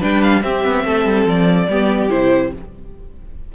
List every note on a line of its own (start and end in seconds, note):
0.00 0.44 G3
0.00 0.42 D4
0.00 0.42 B4
0.00 0.23 G5
0.23 0.43 F5
0.42 1.68 C4
0.42 0.65 C4
0.42 0.86 G4
0.42 1.27 E5
0.65 0.85 B3
0.85 1.05 A3
0.85 1.69 A4
1.05 1.26 G3
1.26 1.67 F3
1.26 2.10 D5
1.68 2.10 G3
1.68 2.10 B3
1.68 2.53 G4
2.10 2.55 C3
2.10 2.52 E4
2.10 2.52 C5